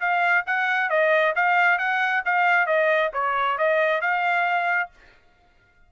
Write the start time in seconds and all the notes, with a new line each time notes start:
0.00 F5
0.46 F#5
0.89 D#5
1.36 F5
1.78 F#5
2.25 F5
2.67 D#5
3.14 C#5
3.58 D#5
4.01 F5